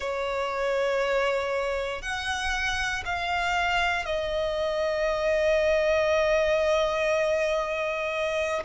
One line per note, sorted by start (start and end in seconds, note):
0.00 2.02 C#5
2.02 3.03 F#5
3.05 4.05 F5
4.05 8.63 D#5